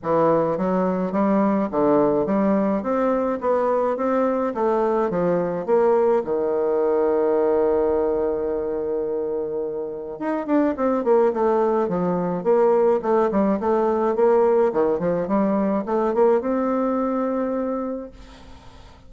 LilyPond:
\new Staff \with { instrumentName = "bassoon" } { \time 4/4 \tempo 4 = 106 e4 fis4 g4 d4 | g4 c'4 b4 c'4 | a4 f4 ais4 dis4~ | dis1~ |
dis2 dis'8 d'8 c'8 ais8 | a4 f4 ais4 a8 g8 | a4 ais4 dis8 f8 g4 | a8 ais8 c'2. | }